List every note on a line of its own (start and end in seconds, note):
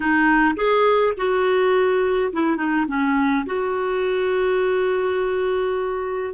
0.00 0.55 D#4
0.56 1.13 G#4
1.17 2.32 F#4
2.32 2.56 E4
2.56 2.85 D#4
2.87 3.45 C#4
3.46 6.33 F#4